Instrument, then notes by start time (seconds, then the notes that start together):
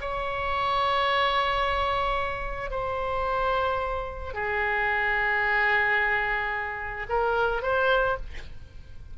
oboe
0.00 C#5
2.70 C5
4.33 G#4
7.09 A#4
7.62 C5